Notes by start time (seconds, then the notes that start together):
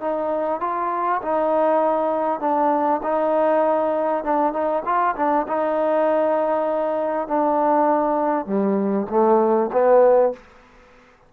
0.00 D#4
0.60 F4
1.22 D#4
2.40 D4
3.02 D#4
4.23 D4
4.52 D#4
4.85 F4
5.16 D4
5.47 D#4
7.27 D4
8.46 G3
9.09 A3
9.72 B3